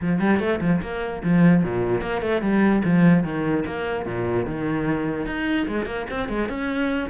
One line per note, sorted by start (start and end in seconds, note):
0.01 0.19 F3
0.19 0.39 G3
0.39 0.60 A3
0.60 0.81 F3
0.81 1.22 A#3
1.23 1.63 F3
1.63 2.01 A#2
2.01 2.21 A#3
2.21 2.41 A3
2.41 2.82 G3
2.84 3.23 F3
3.23 3.64 D#3
3.66 4.05 A#3
4.05 4.45 A#2
4.45 5.26 D#3
5.26 5.66 D#4
5.67 5.85 G#3
5.85 6.06 A#3
6.10 6.28 C4
6.28 6.48 G#3
6.48 7.09 C#4